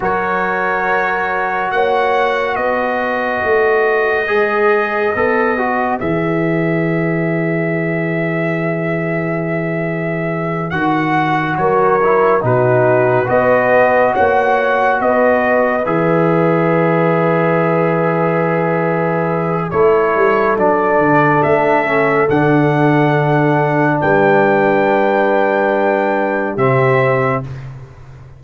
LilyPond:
<<
  \new Staff \with { instrumentName = "trumpet" } { \time 4/4 \tempo 4 = 70 cis''2 fis''4 dis''4~ | dis''2. e''4~ | e''1~ | e''8 fis''4 cis''4 b'4 dis''8~ |
dis''8 fis''4 dis''4 e''4.~ | e''2. cis''4 | d''4 e''4 fis''2 | g''2. e''4 | }
  \new Staff \with { instrumentName = "horn" } { \time 4/4 ais'2 cis''4 b'4~ | b'1~ | b'1~ | b'4. ais'4 fis'4 b'8~ |
b'8 cis''4 b'2~ b'8~ | b'2. a'4~ | a'1 | b'2. g'4 | }
  \new Staff \with { instrumentName = "trombone" } { \time 4/4 fis'1~ | fis'4 gis'4 a'8 fis'8 gis'4~ | gis'1~ | gis'8 fis'4. e'8 dis'4 fis'8~ |
fis'2~ fis'8 gis'4.~ | gis'2. e'4 | d'4. cis'8 d'2~ | d'2. c'4 | }
  \new Staff \with { instrumentName = "tuba" } { \time 4/4 fis2 ais4 b4 | a4 gis4 b4 e4~ | e1~ | e8 dis4 fis4 b,4 b8~ |
b8 ais4 b4 e4.~ | e2. a8 g8 | fis8 d8 a4 d2 | g2. c4 | }
>>